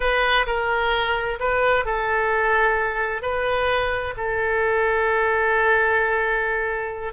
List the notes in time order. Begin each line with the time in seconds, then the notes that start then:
0.00 B4
0.46 A#4
1.39 B4
1.85 A4
3.22 B4
4.16 A4